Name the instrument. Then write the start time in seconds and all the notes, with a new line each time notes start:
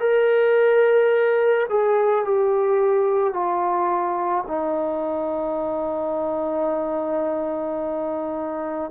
trombone
0.00 A#4
1.69 G#4
2.25 G4
3.34 F4
4.47 D#4